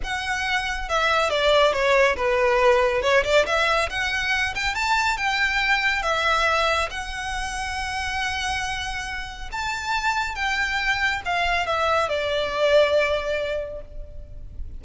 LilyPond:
\new Staff \with { instrumentName = "violin" } { \time 4/4 \tempo 4 = 139 fis''2 e''4 d''4 | cis''4 b'2 cis''8 d''8 | e''4 fis''4. g''8 a''4 | g''2 e''2 |
fis''1~ | fis''2 a''2 | g''2 f''4 e''4 | d''1 | }